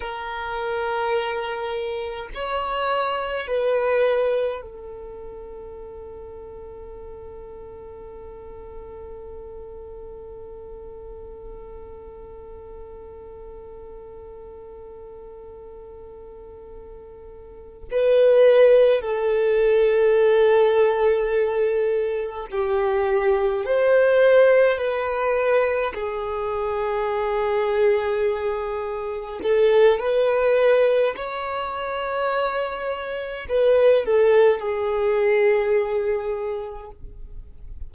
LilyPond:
\new Staff \with { instrumentName = "violin" } { \time 4/4 \tempo 4 = 52 ais'2 cis''4 b'4 | a'1~ | a'1~ | a'2.~ a'8 b'8~ |
b'8 a'2. g'8~ | g'8 c''4 b'4 gis'4.~ | gis'4. a'8 b'4 cis''4~ | cis''4 b'8 a'8 gis'2 | }